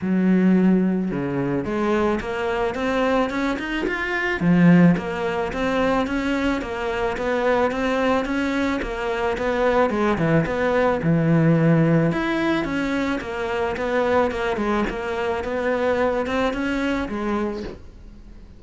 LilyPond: \new Staff \with { instrumentName = "cello" } { \time 4/4 \tempo 4 = 109 fis2 cis4 gis4 | ais4 c'4 cis'8 dis'8 f'4 | f4 ais4 c'4 cis'4 | ais4 b4 c'4 cis'4 |
ais4 b4 gis8 e8 b4 | e2 e'4 cis'4 | ais4 b4 ais8 gis8 ais4 | b4. c'8 cis'4 gis4 | }